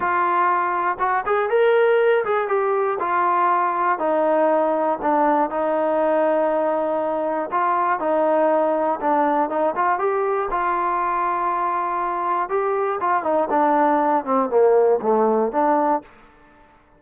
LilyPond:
\new Staff \with { instrumentName = "trombone" } { \time 4/4 \tempo 4 = 120 f'2 fis'8 gis'8 ais'4~ | ais'8 gis'8 g'4 f'2 | dis'2 d'4 dis'4~ | dis'2. f'4 |
dis'2 d'4 dis'8 f'8 | g'4 f'2.~ | f'4 g'4 f'8 dis'8 d'4~ | d'8 c'8 ais4 a4 d'4 | }